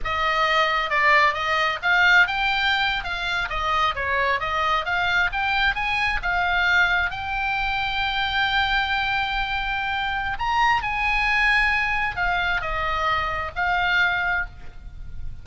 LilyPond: \new Staff \with { instrumentName = "oboe" } { \time 4/4 \tempo 4 = 133 dis''2 d''4 dis''4 | f''4 g''4.~ g''16 f''4 dis''16~ | dis''8. cis''4 dis''4 f''4 g''16~ | g''8. gis''4 f''2 g''16~ |
g''1~ | g''2. ais''4 | gis''2. f''4 | dis''2 f''2 | }